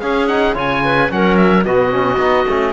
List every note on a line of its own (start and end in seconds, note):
0.00 0.29 C#4
0.00 0.56 C#4
0.00 0.55 G#4
0.00 0.27 F5
0.27 0.54 D#4
0.27 0.54 F#5
0.54 1.11 C#3
0.54 1.09 F4
0.54 0.82 C#5
0.54 1.12 G#5
0.85 1.12 B4
1.10 1.65 F#3
1.10 1.64 C#4
1.10 1.66 A#4
1.10 1.37 F#5
1.37 1.64 E5
1.65 2.17 B2
1.65 1.91 B3
1.65 2.73 F#4
1.65 2.73 D#5
1.91 2.18 C#4
2.17 2.45 B3
2.17 2.46 D#4
2.48 2.73 A3
2.48 2.73 C#4